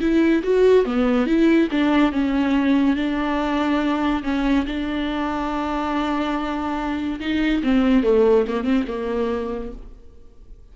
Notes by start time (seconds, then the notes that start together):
0.00 E4
0.43 F#4
0.85 B3
1.26 E4
1.71 D4
2.12 C#4
2.95 D4
4.23 C#4
4.66 D4
7.19 D#4
7.63 C4
8.03 A3
8.47 A#3
8.64 C4
8.87 A#3